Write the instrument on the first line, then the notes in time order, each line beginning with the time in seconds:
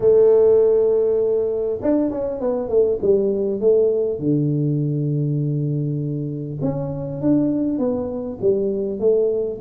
tuba
0.00 A3
1.82 D4
2.11 C#4
2.40 B3
2.68 A3
3.01 G3
3.60 A3
4.19 D3
6.61 C#4
7.21 D4
7.78 B3
8.41 G3
8.99 A3